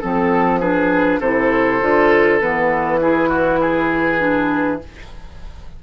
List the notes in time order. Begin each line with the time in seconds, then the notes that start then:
0.00 F3 C4 A4
0.60 D4 G#4 B4
1.20 C3 E4 A4 C5
1.81 D3 F4
2.41 E3 B3 B4
3.01 E4 G#4
3.29 F#4
3.61 G#4
4.19 D4